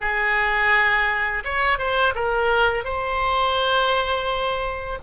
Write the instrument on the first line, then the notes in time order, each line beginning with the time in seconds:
oboe
0.00 G#4
1.44 C#5
1.78 C5
2.14 A#4
2.84 C5